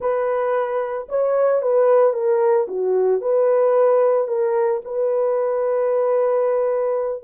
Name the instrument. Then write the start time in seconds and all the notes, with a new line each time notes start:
horn
0.00 B4
1.09 C#5
1.62 B4
2.13 A#4
2.67 F#4
3.21 B4
4.27 A#4
4.84 B4